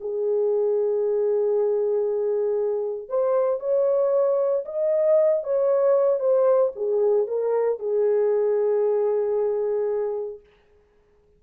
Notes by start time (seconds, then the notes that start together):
0.00 G#4
3.09 C5
3.60 C#5
4.65 D#5
5.44 C#5
6.19 C5
6.75 G#4
7.27 A#4
7.79 G#4